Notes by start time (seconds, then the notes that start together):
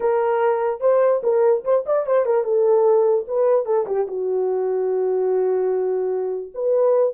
0.00 A#4
0.80 C5
1.23 A#4
1.64 C5
1.86 D5
2.06 C5
2.25 A#4
2.44 A4
3.27 B4
3.65 A4
3.86 G4
4.07 F#4
6.54 B4